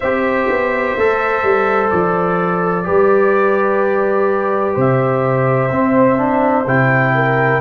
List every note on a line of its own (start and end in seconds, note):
0.00 0.48 C4
0.00 0.98 G4
0.00 2.86 C5
0.00 1.89 E5
0.48 0.96 B3
0.96 1.43 A3
0.96 2.84 A4
1.43 1.90 G3
1.89 2.87 F3
1.89 4.75 D5
2.84 4.76 G3
2.84 5.69 G4
2.84 4.73 B4
4.73 5.71 C3
4.73 7.12 C5
4.80 6.67 E5
5.71 6.17 C4
5.71 6.66 C4
6.17 6.64 D4
6.66 7.61 C3
6.66 7.61 E4
6.66 7.61 G5
7.14 7.61 A#4